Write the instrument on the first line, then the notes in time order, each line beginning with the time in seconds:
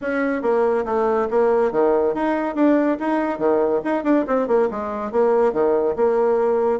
bassoon
0.01 C#4
0.42 A#3
0.85 A3
1.30 A#3
1.71 D#3
2.14 D#4
2.55 D4
2.99 D#4
3.38 D#3
3.84 D#4
4.03 D4
4.27 C4
4.47 A#3
4.70 G#3
5.11 A#3
5.52 D#3
5.96 A#3